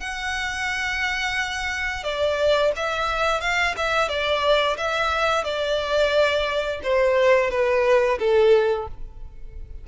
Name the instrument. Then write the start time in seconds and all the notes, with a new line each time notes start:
violin
0.00 F#5
2.04 D5
2.76 E5
3.41 F5
3.77 E5
4.09 D5
4.77 E5
5.44 D5
6.83 C5
7.50 B4
8.19 A4